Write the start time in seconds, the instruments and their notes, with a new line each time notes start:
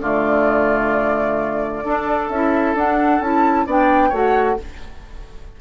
0.00 bassoon D3, clarinet A3, oboe F4, flute D5
1.84 bassoon D4, clarinet D4, oboe A4
2.29 bassoon C#4, clarinet E4, flute E5
2.75 bassoon D4, clarinet D4, flute F#5
3.20 bassoon C#4, clarinet E4, flute A5
3.66 bassoon B3, clarinet D4, oboe D5, flute G5
4.09 bassoon A3, clarinet F#4, oboe C#5, flute F#5